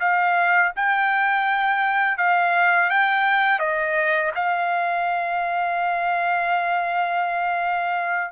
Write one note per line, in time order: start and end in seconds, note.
0.00 0.72 F5
0.76 2.18 G5
2.18 2.90 F5
2.90 3.59 G5
3.59 4.31 D#5
4.35 8.32 F5